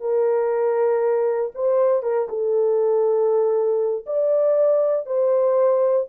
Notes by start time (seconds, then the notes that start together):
0.00 A#4
1.55 C5
2.02 A#4
2.29 A4
4.06 D5
5.06 C5